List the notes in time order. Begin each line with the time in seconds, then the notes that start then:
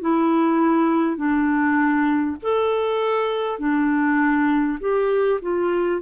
0.00 E4
1.16 D4
2.42 A4
3.58 D4
4.80 G4
5.41 F4